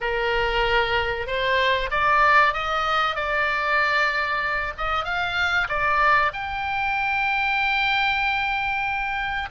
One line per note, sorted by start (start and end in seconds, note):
0.00 1.26 A#4
1.26 1.89 C5
1.90 2.53 D5
2.53 3.15 D#5
3.15 4.73 D5
4.77 5.04 D#5
5.04 5.67 F5
5.68 6.32 D5
6.33 9.49 G5